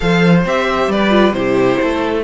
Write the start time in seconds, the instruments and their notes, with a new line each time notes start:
0.00 cello F3, viola A4, violin C5 F5
0.45 cello C4, viola G4, violin E5
0.88 cello G3, violin B4 D5
1.09 viola F4
1.32 cello C3, viola E4, violin G4 C5
1.81 cello A3, violin A4